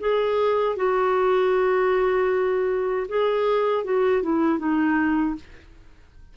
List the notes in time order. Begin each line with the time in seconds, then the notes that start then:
0.00 G#4
0.77 F#4
3.08 G#4
3.84 F#4
4.23 E4
4.59 D#4